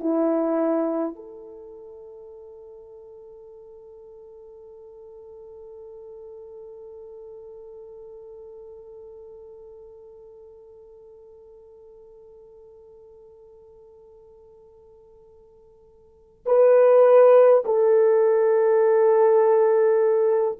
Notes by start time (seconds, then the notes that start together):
0.00 E4
1.16 A4
16.47 B4
17.65 A4